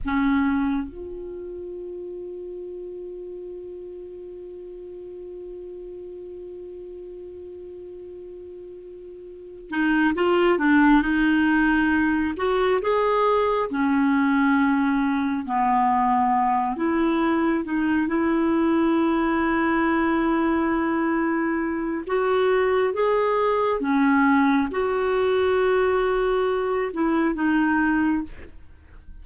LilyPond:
\new Staff \with { instrumentName = "clarinet" } { \time 4/4 \tempo 4 = 68 cis'4 f'2.~ | f'1~ | f'2. dis'8 f'8 | d'8 dis'4. fis'8 gis'4 cis'8~ |
cis'4. b4. e'4 | dis'8 e'2.~ e'8~ | e'4 fis'4 gis'4 cis'4 | fis'2~ fis'8 e'8 dis'4 | }